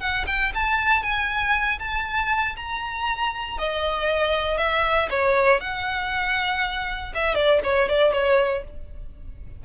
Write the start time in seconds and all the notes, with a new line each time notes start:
0.00 F#5
0.27 G5
0.55 A5
1.03 G#5
1.80 A5
2.57 A#5
3.58 D#5
4.58 E5
5.10 C#5
5.61 F#5
7.15 E5
7.35 D5
7.64 C#5
7.89 D5
8.13 C#5